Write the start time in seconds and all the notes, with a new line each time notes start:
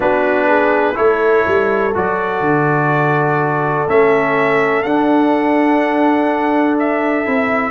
0.00 B3 D4 F#4 B4
0.47 G#4
0.94 A3 E4 A4 C#5
1.46 G3
1.94 F#3 F#4 D5
2.40 D3
3.87 A3 C#4 E5
4.82 D4 F#5
6.79 E5
7.25 C4 E4